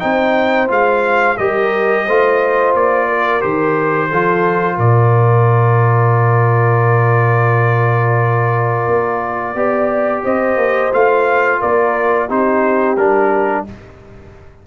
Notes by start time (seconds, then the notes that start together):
0.00 C4 D#4 C5 G5
0.68 G#3 F4 F5
1.38 G3 G4 A#4 D#5
2.06 A3 F4 C5
2.74 A#3 D5
3.09 A#4
3.41 D#3 G4 C5
4.10 F3 F4 A4
4.76 A#2 A#4 D5
8.87 A#3
9.55 B3 G4 D5
10.24 C4 C5 D#5
10.57 A#3
10.93 A3 F4 F5
11.60 A#3 A#4 D5
12.28 C4 D#4 G4 C5
12.97 G3 D4 A#4